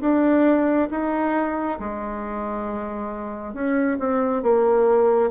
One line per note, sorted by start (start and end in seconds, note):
0.00 0.88 D4
0.90 1.78 D#4
1.79 3.53 G#3
3.53 3.97 C#4
3.99 4.42 C4
4.42 5.30 A#3